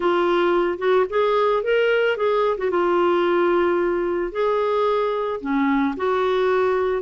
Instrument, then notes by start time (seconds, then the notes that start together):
clarinet
0.00 F4
0.78 F#4
1.09 G#4
1.63 A#4
2.16 G#4
2.57 F#4
2.70 F4
4.32 G#4
5.40 C#4
5.96 F#4